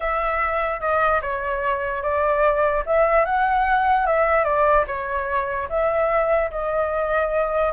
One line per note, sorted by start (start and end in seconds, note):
0.00 0.80 E5
0.80 1.20 D#5
1.21 2.02 C#5
2.02 2.83 D5
2.86 3.25 E5
3.25 4.06 F#5
4.06 4.44 E5
4.44 4.84 D5
4.87 5.68 C#5
5.69 6.50 E5
6.51 7.72 D#5